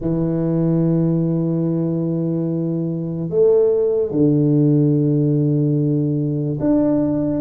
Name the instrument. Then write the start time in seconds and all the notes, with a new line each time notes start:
tuba
0.00 E3
3.29 A3
4.11 D3
6.59 D4